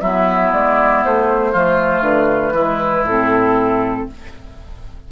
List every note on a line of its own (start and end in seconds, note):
0.00 0.52 F#3
0.00 1.54 B3
0.00 1.51 E4
0.00 0.51 E5
0.53 1.04 G#3
0.53 1.04 D5
1.04 1.54 A3
1.04 2.03 C5
1.51 2.01 F3
1.51 2.55 A3
1.51 2.53 F4
2.01 2.51 D3
2.01 3.04 B4
2.51 3.02 E3
2.51 3.06 G#3
2.51 4.07 E4
3.04 4.06 A2
3.04 4.11 C4
3.04 4.09 A4